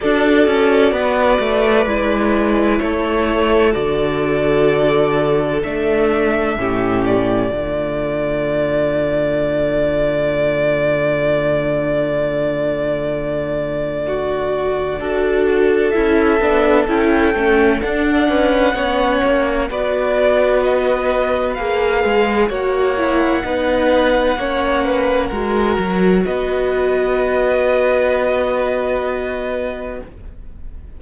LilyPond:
<<
  \new Staff \with { instrumentName = "violin" } { \time 4/4 \tempo 4 = 64 d''2. cis''4 | d''2 e''4. d''8~ | d''1~ | d''1~ |
d''4 e''4 g''4 fis''4~ | fis''4 d''4 dis''4 f''4 | fis''1 | dis''1 | }
  \new Staff \with { instrumentName = "violin" } { \time 4/4 a'4 b'2 a'4~ | a'2. g'4 | f'1~ | f'2. fis'4 |
a'2.~ a'8 b'8 | cis''4 b'2. | cis''4 b'4 cis''8 b'8 ais'4 | b'1 | }
  \new Staff \with { instrumentName = "viola" } { \time 4/4 fis'2 e'2 | fis'2 d'4 cis'4 | a1~ | a1 |
fis'4 e'8 d'8 e'8 cis'8 d'4 | cis'4 fis'2 gis'4 | fis'8 e'8 dis'4 cis'4 fis'4~ | fis'1 | }
  \new Staff \with { instrumentName = "cello" } { \time 4/4 d'8 cis'8 b8 a8 gis4 a4 | d2 a4 a,4 | d1~ | d1 |
d'4 cis'8 b8 cis'8 a8 d'8 cis'8 | b8 ais8 b2 ais8 gis8 | ais4 b4 ais4 gis8 fis8 | b1 | }
>>